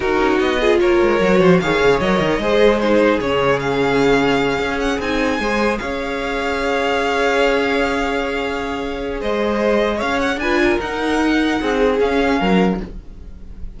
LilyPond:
<<
  \new Staff \with { instrumentName = "violin" } { \time 4/4 \tempo 4 = 150 ais'4 dis''4 cis''2 | f''4 dis''2 c''4 | cis''4 f''2. | fis''8 gis''2 f''4.~ |
f''1~ | f''2. dis''4~ | dis''4 f''8 fis''8 gis''4 fis''4~ | fis''2 f''2 | }
  \new Staff \with { instrumentName = "violin" } { \time 4/4 fis'4. gis'8 ais'4. c''8 | cis''2 c''4 gis'4~ | gis'1~ | gis'4. c''4 cis''4.~ |
cis''1~ | cis''2. c''4~ | c''4 cis''4 b'8 ais'4.~ | ais'4 gis'2 ais'4 | }
  \new Staff \with { instrumentName = "viola" } { \time 4/4 dis'4. f'4. fis'4 | gis'4 ais'4 gis'4 dis'4 | cis'1~ | cis'8 dis'4 gis'2~ gis'8~ |
gis'1~ | gis'1~ | gis'2 f'4 dis'4~ | dis'2 cis'2 | }
  \new Staff \with { instrumentName = "cello" } { \time 4/4 dis'8 cis'8 b4 ais8 gis8 fis8 f8 | dis8 cis8 fis8 dis8 gis2 | cis2.~ cis8 cis'8~ | cis'8 c'4 gis4 cis'4.~ |
cis'1~ | cis'2. gis4~ | gis4 cis'4 d'4 dis'4~ | dis'4 c'4 cis'4 fis4 | }
>>